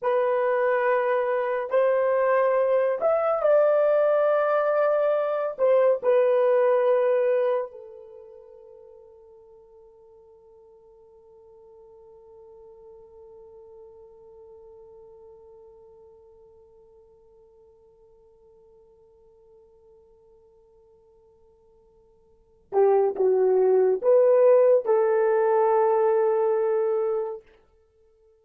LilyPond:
\new Staff \with { instrumentName = "horn" } { \time 4/4 \tempo 4 = 70 b'2 c''4. e''8 | d''2~ d''8 c''8 b'4~ | b'4 a'2.~ | a'1~ |
a'1~ | a'1~ | a'2~ a'8 g'8 fis'4 | b'4 a'2. | }